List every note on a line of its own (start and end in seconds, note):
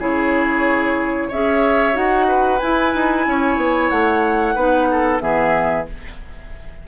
0.00 1.30 C#3
0.00 1.31 E4
0.00 1.29 G#4
0.00 1.32 C#5
1.29 1.96 C#4
1.29 1.94 G#4
1.29 2.26 C#5
1.29 1.97 E5
1.94 2.61 D#4
1.94 2.59 F#4
1.94 2.60 F#5
2.28 3.26 B4
2.60 4.56 E4
2.60 2.95 E4
2.60 3.90 G#5
2.95 3.27 D#4
3.27 3.57 C#4
3.27 4.55 C#5
3.57 3.90 B3
3.90 4.56 A3
3.90 5.20 F#5
4.55 5.21 B3
4.55 5.20 D#4
4.55 4.88 B4
4.91 5.23 A4
5.20 5.87 E3
5.20 5.85 B3
5.20 5.88 G#4
5.20 5.86 E5